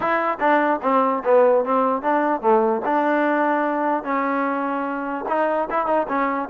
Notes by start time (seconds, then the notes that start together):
0.00 E4
0.39 D4
0.82 C4
1.24 B3
1.64 C4
2.02 D4
2.41 A3
2.85 D4
4.03 C#4
5.28 D#4
5.70 E4
5.86 D#4
6.08 C#4